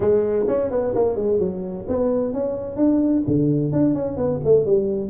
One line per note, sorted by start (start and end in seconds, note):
0.00 0.45 G#3
0.47 0.71 C#4
0.71 0.94 B3
0.94 1.16 A#3
1.16 1.39 G#3
1.39 1.85 F#3
1.88 2.33 B3
2.33 2.76 C#4
2.76 3.22 D4
3.27 3.72 D3
3.72 3.94 D4
3.94 4.16 C#4
4.16 4.40 B3
4.44 4.65 A3
4.65 5.10 G3